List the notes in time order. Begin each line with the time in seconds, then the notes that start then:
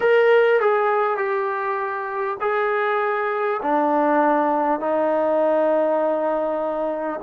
0.00 A#4
0.60 G#4
1.17 G4
2.40 G#4
3.62 D4
4.79 D#4